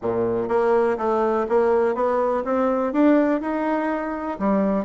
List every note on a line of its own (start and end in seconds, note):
0.02 0.48 A#2
0.48 0.97 A#3
0.97 1.46 A3
1.48 1.94 A#3
1.94 2.43 B3
2.44 2.92 C4
2.92 3.40 D4
3.40 4.38 D#4
4.39 4.84 G3